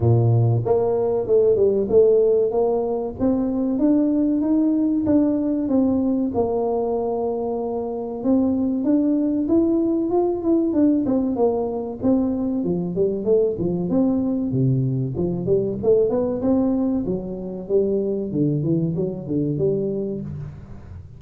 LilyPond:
\new Staff \with { instrumentName = "tuba" } { \time 4/4 \tempo 4 = 95 ais,4 ais4 a8 g8 a4 | ais4 c'4 d'4 dis'4 | d'4 c'4 ais2~ | ais4 c'4 d'4 e'4 |
f'8 e'8 d'8 c'8 ais4 c'4 | f8 g8 a8 f8 c'4 c4 | f8 g8 a8 b8 c'4 fis4 | g4 d8 e8 fis8 d8 g4 | }